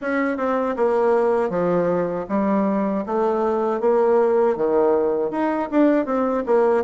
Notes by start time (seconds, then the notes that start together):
0.01 C#4
0.37 C4
0.76 A#3
1.49 F3
2.28 G3
3.06 A3
3.80 A#3
4.56 D#3
5.31 D#4
5.71 D4
6.06 C4
6.46 A#3